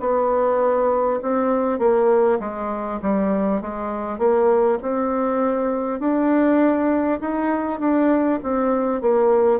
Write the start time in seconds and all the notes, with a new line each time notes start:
0.00 B3
1.22 C4
1.79 A#3
2.40 G#3
3.02 G3
3.61 G#3
4.18 A#3
4.82 C4
6.00 D4
7.21 D#4
7.80 D4
8.43 C4
9.01 A#3